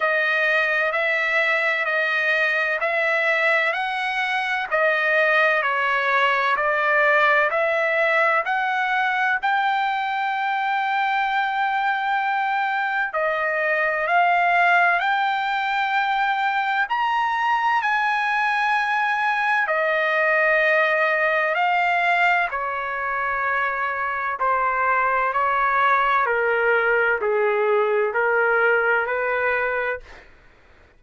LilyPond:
\new Staff \with { instrumentName = "trumpet" } { \time 4/4 \tempo 4 = 64 dis''4 e''4 dis''4 e''4 | fis''4 dis''4 cis''4 d''4 | e''4 fis''4 g''2~ | g''2 dis''4 f''4 |
g''2 ais''4 gis''4~ | gis''4 dis''2 f''4 | cis''2 c''4 cis''4 | ais'4 gis'4 ais'4 b'4 | }